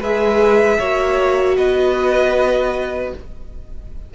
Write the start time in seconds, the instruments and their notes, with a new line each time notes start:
0.00 cello G#3, viola G#4, violin B4 E5
0.78 cello A#3, viola F#4, violin C#5
1.57 cello B3, violin B4 D#5